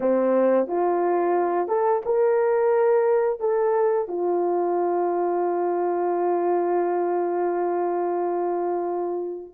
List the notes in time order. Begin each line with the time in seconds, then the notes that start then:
0.00 C4
0.67 F4
1.68 A4
2.05 A#4
3.39 A4
4.08 F4